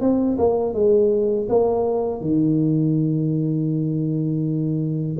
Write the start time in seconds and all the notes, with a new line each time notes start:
0.00 C4
0.38 A#3
0.73 G#3
1.48 A#3
2.21 D#3